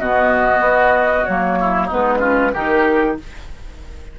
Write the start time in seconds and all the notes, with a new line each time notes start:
0.00 B2 B3 F#4 D#5
0.59 B3
1.25 F#3 A#3 C#5
1.60 E4
1.86 B3 D#4 B4
1.93 G#3
2.19 C#4 F4
2.54 D#3 D#4 G4 A#4